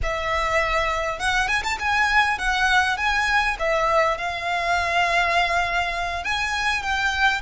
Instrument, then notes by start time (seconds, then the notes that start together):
violin
0.02 E5
1.19 F#5
1.47 G#5
1.63 A5
1.79 G#5
2.38 F#5
2.97 G#5
3.59 E5
4.17 F5
6.23 G#5
6.82 G5